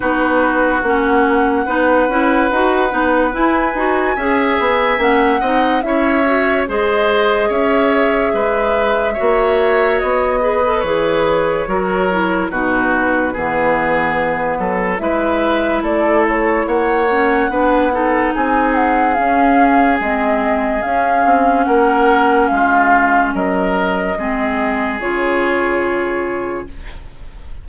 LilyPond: <<
  \new Staff \with { instrumentName = "flute" } { \time 4/4 \tempo 4 = 72 b'4 fis''2. | gis''2 fis''4 e''4 | dis''4 e''2. | dis''4 cis''2 b'4~ |
b'2 e''4 d''8 cis''8 | fis''2 gis''8 fis''8 f''4 | dis''4 f''4 fis''4 f''4 | dis''2 cis''2 | }
  \new Staff \with { instrumentName = "oboe" } { \time 4/4 fis'2 b'2~ | b'4 e''4. dis''8 cis''4 | c''4 cis''4 b'4 cis''4~ | cis''8 b'4. ais'4 fis'4 |
gis'4. a'8 b'4 a'4 | cis''4 b'8 a'8 gis'2~ | gis'2 ais'4 f'4 | ais'4 gis'2. | }
  \new Staff \with { instrumentName = "clarinet" } { \time 4/4 dis'4 cis'4 dis'8 e'8 fis'8 dis'8 | e'8 fis'8 gis'4 cis'8 dis'8 e'8 fis'8 | gis'2. fis'4~ | fis'8 gis'16 a'16 gis'4 fis'8 e'8 dis'4 |
b2 e'2~ | e'8 cis'8 d'8 dis'4. cis'4 | c'4 cis'2.~ | cis'4 c'4 f'2 | }
  \new Staff \with { instrumentName = "bassoon" } { \time 4/4 b4 ais4 b8 cis'8 dis'8 b8 | e'8 dis'8 cis'8 b8 ais8 c'8 cis'4 | gis4 cis'4 gis4 ais4 | b4 e4 fis4 b,4 |
e4. fis8 gis4 a4 | ais4 b4 c'4 cis'4 | gis4 cis'8 c'8 ais4 gis4 | fis4 gis4 cis2 | }
>>